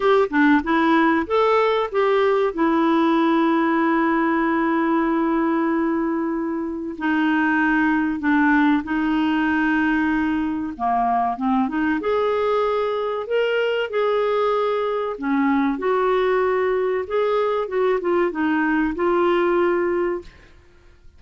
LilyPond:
\new Staff \with { instrumentName = "clarinet" } { \time 4/4 \tempo 4 = 95 g'8 d'8 e'4 a'4 g'4 | e'1~ | e'2. dis'4~ | dis'4 d'4 dis'2~ |
dis'4 ais4 c'8 dis'8 gis'4~ | gis'4 ais'4 gis'2 | cis'4 fis'2 gis'4 | fis'8 f'8 dis'4 f'2 | }